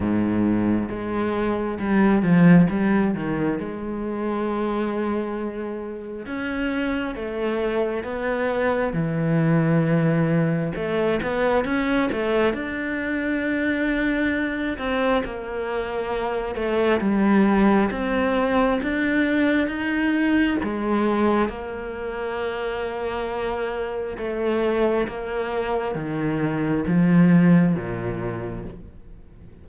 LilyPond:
\new Staff \with { instrumentName = "cello" } { \time 4/4 \tempo 4 = 67 gis,4 gis4 g8 f8 g8 dis8 | gis2. cis'4 | a4 b4 e2 | a8 b8 cis'8 a8 d'2~ |
d'8 c'8 ais4. a8 g4 | c'4 d'4 dis'4 gis4 | ais2. a4 | ais4 dis4 f4 ais,4 | }